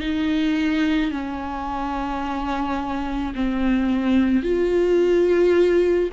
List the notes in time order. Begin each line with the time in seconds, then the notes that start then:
0.00 D#4
1.12 C#4
3.35 C4
4.43 F4